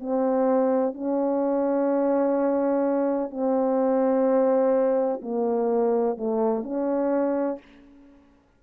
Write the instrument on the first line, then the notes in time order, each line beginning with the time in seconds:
horn
0.00 C4
0.94 C#4
3.31 C4
5.22 A#3
6.17 A3
6.63 C#4